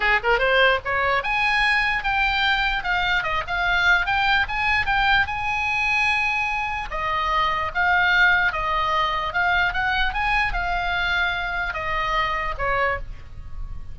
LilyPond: \new Staff \with { instrumentName = "oboe" } { \time 4/4 \tempo 4 = 148 gis'8 ais'8 c''4 cis''4 gis''4~ | gis''4 g''2 f''4 | dis''8 f''4. g''4 gis''4 | g''4 gis''2.~ |
gis''4 dis''2 f''4~ | f''4 dis''2 f''4 | fis''4 gis''4 f''2~ | f''4 dis''2 cis''4 | }